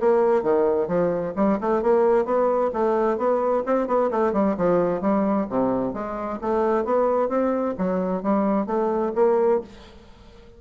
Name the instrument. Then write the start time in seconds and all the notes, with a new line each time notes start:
bassoon
0.00 A#3
0.43 D#3
0.88 F3
1.36 G3
1.61 A3
1.82 A#3
2.25 B3
2.73 A3
3.18 B3
3.66 C4
3.87 B3
4.11 A3
4.33 G3
4.57 F3
5.01 G3
5.50 C3
5.94 G#3
6.41 A3
6.85 B3
7.29 C4
7.78 F#3
8.23 G3
8.66 A3
9.15 A#3